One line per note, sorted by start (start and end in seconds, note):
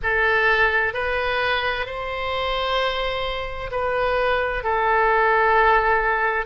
0.03 0.93 A4
0.93 1.85 B4
1.85 3.70 C5
3.71 4.63 B4
4.63 6.45 A4